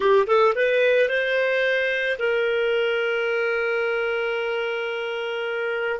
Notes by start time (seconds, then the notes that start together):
0.00 G4
0.26 A4
0.55 B4
1.08 C5
2.18 A#4